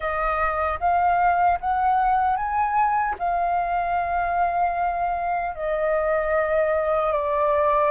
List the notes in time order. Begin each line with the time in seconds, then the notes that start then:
0.00 D#5
0.80 F5
1.60 F#5
2.36 G#5
3.19 F5
5.55 D#5
7.12 D5